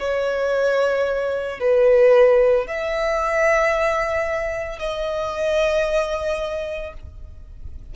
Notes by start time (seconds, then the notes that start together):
0.00 C#5
1.60 B4
2.67 E5
4.80 D#5